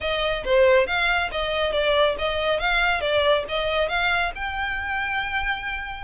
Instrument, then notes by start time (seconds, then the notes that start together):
violin
0.00 D#5
0.44 C5
0.86 F5
1.31 D#5
1.72 D5
2.18 D#5
2.59 F5
3.00 D5
3.48 D#5
3.88 F5
4.35 G5